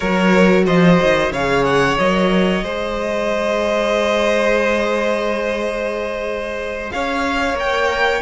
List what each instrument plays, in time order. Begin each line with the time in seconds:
0.00 cello F#3, viola F#4, violin A#4 C#5
0.66 cello F3, violin C5 D#5
1.02 cello D#3
1.31 cello C#3, viola G#4, violin C#5 F5
1.64 violin F#5
1.98 cello F#3, viola A#4, violin D#5
2.62 cello G#3, viola G#4, violin C5
6.91 cello C#4, violin C#5 F5
7.54 cello A#3, viola A#4, violin G5